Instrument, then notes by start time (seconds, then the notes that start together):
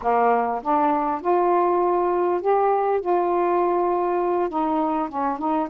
saxophone
0.01 A#3
0.62 D4
1.21 F4
2.41 G4
3.01 F4
4.49 D#4
5.08 C#4
5.38 D#4